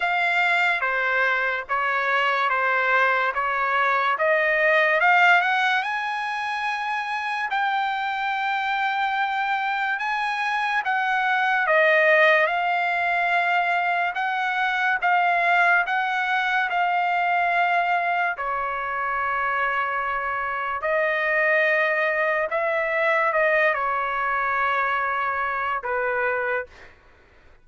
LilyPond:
\new Staff \with { instrumentName = "trumpet" } { \time 4/4 \tempo 4 = 72 f''4 c''4 cis''4 c''4 | cis''4 dis''4 f''8 fis''8 gis''4~ | gis''4 g''2. | gis''4 fis''4 dis''4 f''4~ |
f''4 fis''4 f''4 fis''4 | f''2 cis''2~ | cis''4 dis''2 e''4 | dis''8 cis''2~ cis''8 b'4 | }